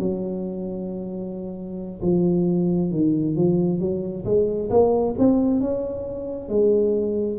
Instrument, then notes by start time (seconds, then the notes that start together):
tuba
0.00 F#3
2.03 F3
2.91 D#3
3.36 F3
3.80 F#3
4.25 G#3
4.71 A#3
5.19 C4
5.61 C#4
6.49 G#3